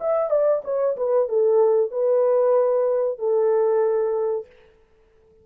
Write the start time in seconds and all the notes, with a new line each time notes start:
0.00 E5
0.30 D5
0.64 C#5
0.96 B4
1.29 A4
1.91 B4
3.18 A4